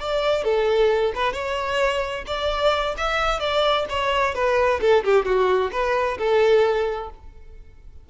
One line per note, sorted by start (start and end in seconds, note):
0.00 0.45 D5
0.45 1.13 A4
1.15 1.33 B4
1.33 2.25 C#5
2.27 2.96 D5
2.98 3.40 E5
3.40 3.86 D5
3.90 4.35 C#5
4.35 4.81 B4
4.81 5.04 A4
5.05 5.26 G4
5.26 5.71 F#4
5.72 6.18 B4
6.19 7.10 A4